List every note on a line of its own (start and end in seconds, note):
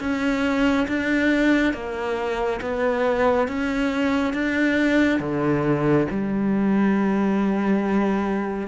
0.00 0.87 C#4
0.88 1.74 D4
1.74 2.60 A#3
2.61 3.48 B3
3.48 4.34 C#4
4.34 5.20 D4
5.20 6.07 D3
6.11 8.68 G3